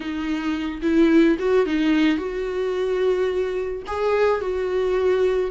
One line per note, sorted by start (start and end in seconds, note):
0.00 0.81 D#4
0.82 1.37 E4
1.38 1.66 F#4
1.66 2.17 D#4
2.17 3.82 F#4
3.86 4.40 G#4
4.40 5.50 F#4